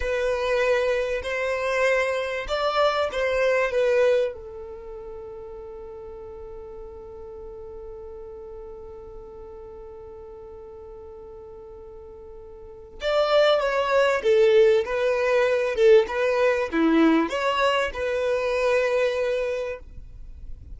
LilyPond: \new Staff \with { instrumentName = "violin" } { \time 4/4 \tempo 4 = 97 b'2 c''2 | d''4 c''4 b'4 a'4~ | a'1~ | a'1~ |
a'1~ | a'4 d''4 cis''4 a'4 | b'4. a'8 b'4 e'4 | cis''4 b'2. | }